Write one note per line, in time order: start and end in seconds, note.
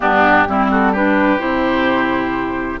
0.00 0.47 G2
0.00 0.46 B3
0.00 0.47 D4
0.00 0.69 G4
0.47 1.39 G3
0.47 0.95 C4
0.47 0.71 E4
0.71 0.92 F#4
0.71 0.95 A4
0.92 1.38 D4
0.92 2.79 G4
0.92 1.39 B4
1.38 2.80 C3
1.38 2.79 E4
1.38 2.80 C5